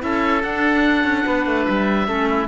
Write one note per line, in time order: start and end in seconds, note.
0.00 0.44 C#4
0.00 0.41 E4
0.00 1.26 A4
0.00 0.44 E5
0.44 1.04 D4
0.44 2.07 D4
0.44 1.65 F#5
1.04 1.25 C#4
1.26 1.47 B3
1.26 2.08 B4
1.47 1.67 A3
1.65 2.08 G3
1.65 2.48 E5
2.07 2.48 A3
2.07 2.48 C#4
2.07 2.29 A4
2.30 2.48 E4